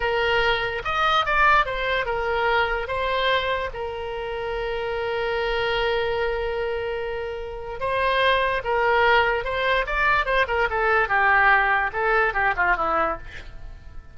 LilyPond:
\new Staff \with { instrumentName = "oboe" } { \time 4/4 \tempo 4 = 146 ais'2 dis''4 d''4 | c''4 ais'2 c''4~ | c''4 ais'2.~ | ais'1~ |
ais'2. c''4~ | c''4 ais'2 c''4 | d''4 c''8 ais'8 a'4 g'4~ | g'4 a'4 g'8 f'8 e'4 | }